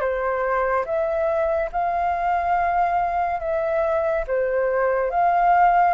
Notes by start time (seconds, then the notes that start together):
0.00 C5
0.85 E5
1.72 F5
3.40 E5
4.27 C5
5.10 F5